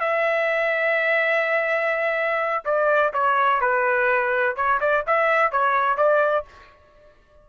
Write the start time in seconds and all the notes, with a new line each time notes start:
0.00 E5
2.65 D5
3.13 C#5
3.61 B4
4.56 C#5
4.81 D5
5.07 E5
5.52 C#5
5.97 D5